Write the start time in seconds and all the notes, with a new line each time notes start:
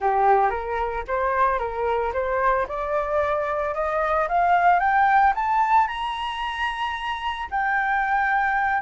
0.00 G4
0.50 A#4
1.07 C5
1.58 A#4
2.13 C5
2.68 D5
3.74 D#5
4.28 F5
4.79 G5
5.35 A5
5.87 A#5
7.50 G5